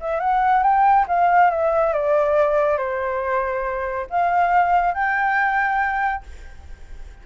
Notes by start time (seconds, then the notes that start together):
0.00 E5
0.19 F#5
0.63 G5
1.08 F5
1.50 E5
1.93 D5
2.77 C5
4.10 F5
4.94 G5